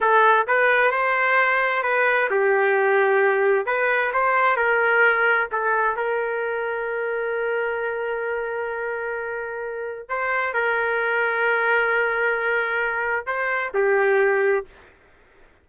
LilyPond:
\new Staff \with { instrumentName = "trumpet" } { \time 4/4 \tempo 4 = 131 a'4 b'4 c''2 | b'4 g'2. | b'4 c''4 ais'2 | a'4 ais'2.~ |
ais'1~ | ais'2 c''4 ais'4~ | ais'1~ | ais'4 c''4 g'2 | }